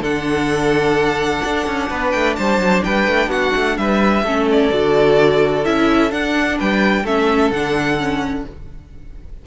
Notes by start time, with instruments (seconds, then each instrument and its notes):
0.00 cello D3, viola D4, violin A4 F#5
1.43 cello D4
1.67 cello C#4
1.89 cello B3, violin B4
2.11 cello A3, violin G5
2.36 cello G3, violin C5 A5
2.58 cello F#3
2.83 cello G3, violin B4 G5
3.08 cello A3
3.27 cello B3, violin F#4 F#5
3.55 cello A3
3.77 cello G3, violin B4 E5
4.23 cello A3, viola C#4, violin A4
4.50 violin D5
4.70 cello D3, viola F#4
5.64 cello C#4, viola E4, violin E5
6.10 viola D4, cello D4, violin F#5
6.57 cello G3, violin B4 G5
7.03 cello A3, viola C#4, violin A4 E5
7.51 cello D3, viola D4, violin F#5
7.99 viola C#4